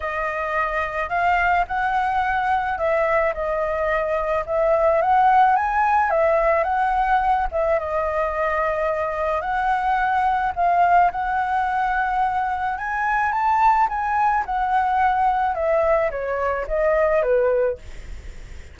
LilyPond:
\new Staff \with { instrumentName = "flute" } { \time 4/4 \tempo 4 = 108 dis''2 f''4 fis''4~ | fis''4 e''4 dis''2 | e''4 fis''4 gis''4 e''4 | fis''4. e''8 dis''2~ |
dis''4 fis''2 f''4 | fis''2. gis''4 | a''4 gis''4 fis''2 | e''4 cis''4 dis''4 b'4 | }